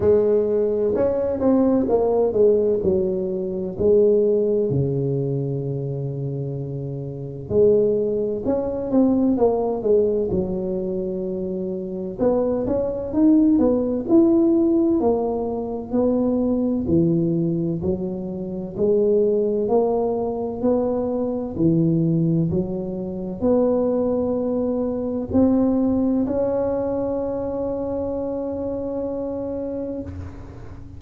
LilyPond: \new Staff \with { instrumentName = "tuba" } { \time 4/4 \tempo 4 = 64 gis4 cis'8 c'8 ais8 gis8 fis4 | gis4 cis2. | gis4 cis'8 c'8 ais8 gis8 fis4~ | fis4 b8 cis'8 dis'8 b8 e'4 |
ais4 b4 e4 fis4 | gis4 ais4 b4 e4 | fis4 b2 c'4 | cis'1 | }